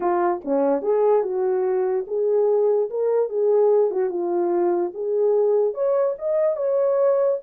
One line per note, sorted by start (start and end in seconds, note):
0.00 0.41 F4
0.44 0.81 C#4
0.81 1.22 G#4
1.22 2.05 F#4
2.07 2.89 G#4
2.90 3.29 A#4
3.29 3.90 G#4
3.90 4.09 F#4
4.09 4.91 F4
4.94 5.73 G#4
5.73 6.15 C#5
6.18 6.56 D#5
6.56 7.38 C#5